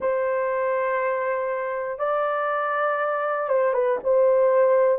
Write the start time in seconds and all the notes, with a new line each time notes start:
0.00 C5
1.99 D5
3.49 C5
3.73 B4
4.03 C5